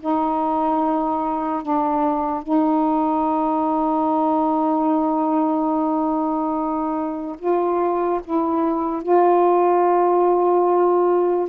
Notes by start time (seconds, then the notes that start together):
0.00 D#4
1.62 D4
2.42 D#4
7.38 F4
8.24 E4
9.02 F4